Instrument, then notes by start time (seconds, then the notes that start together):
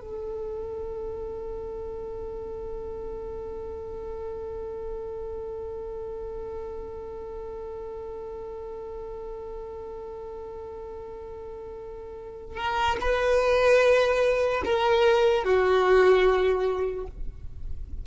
violin
0.00 A4
12.56 A#4
13.00 B4
14.65 A#4
15.44 F#4